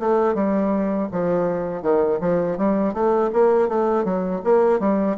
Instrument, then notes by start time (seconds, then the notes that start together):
bassoon
0.00 A3
0.35 G3
1.12 F3
1.82 D#3
2.21 F3
2.58 G3
2.94 A3
3.33 A#3
3.69 A3
4.04 F#3
4.44 A#3
4.80 G3